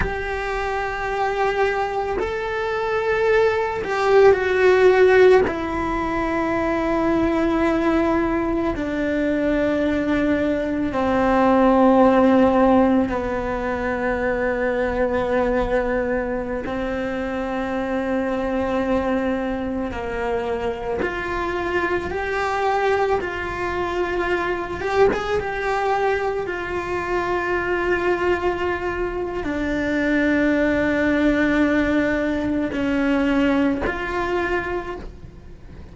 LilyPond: \new Staff \with { instrumentName = "cello" } { \time 4/4 \tempo 4 = 55 g'2 a'4. g'8 | fis'4 e'2. | d'2 c'2 | b2.~ b16 c'8.~ |
c'2~ c'16 ais4 f'8.~ | f'16 g'4 f'4. g'16 gis'16 g'8.~ | g'16 f'2~ f'8. d'4~ | d'2 cis'4 f'4 | }